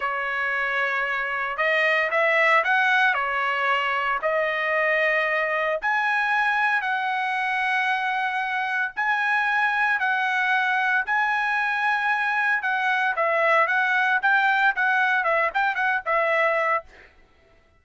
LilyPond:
\new Staff \with { instrumentName = "trumpet" } { \time 4/4 \tempo 4 = 114 cis''2. dis''4 | e''4 fis''4 cis''2 | dis''2. gis''4~ | gis''4 fis''2.~ |
fis''4 gis''2 fis''4~ | fis''4 gis''2. | fis''4 e''4 fis''4 g''4 | fis''4 e''8 g''8 fis''8 e''4. | }